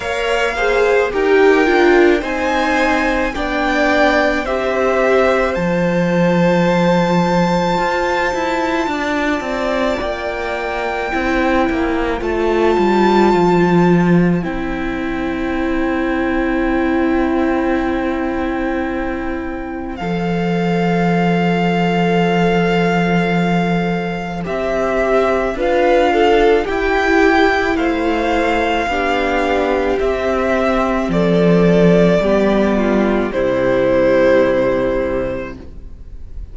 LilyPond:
<<
  \new Staff \with { instrumentName = "violin" } { \time 4/4 \tempo 4 = 54 f''4 g''4 gis''4 g''4 | e''4 a''2.~ | a''4 g''2 a''4~ | a''4 g''2.~ |
g''2 f''2~ | f''2 e''4 f''4 | g''4 f''2 e''4 | d''2 c''2 | }
  \new Staff \with { instrumentName = "violin" } { \time 4/4 cis''8 c''8 ais'4 c''4 d''4 | c''1 | d''2 c''2~ | c''1~ |
c''1~ | c''2. b'8 a'8 | g'4 c''4 g'2 | a'4 g'8 f'8 e'2 | }
  \new Staff \with { instrumentName = "viola" } { \time 4/4 ais'8 gis'8 g'8 f'8 dis'4 d'4 | g'4 f'2.~ | f'2 e'4 f'4~ | f'4 e'2.~ |
e'2 a'2~ | a'2 g'4 f'4 | e'2 d'4 c'4~ | c'4 b4 g2 | }
  \new Staff \with { instrumentName = "cello" } { \time 4/4 ais4 dis'8 d'8 c'4 b4 | c'4 f2 f'8 e'8 | d'8 c'8 ais4 c'8 ais8 a8 g8 | f4 c'2.~ |
c'2 f2~ | f2 c'4 d'4 | e'4 a4 b4 c'4 | f4 g4 c2 | }
>>